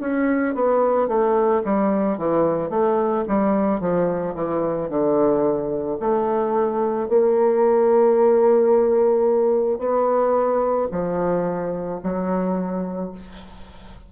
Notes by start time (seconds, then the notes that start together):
0.00 C#4
0.54 B3
1.08 A3
1.64 G3
2.18 E3
2.69 A3
3.27 G3
3.80 F3
4.34 E3
4.89 D3
6.00 A3
7.08 A#3
9.78 B3
10.91 F3
12.02 F#3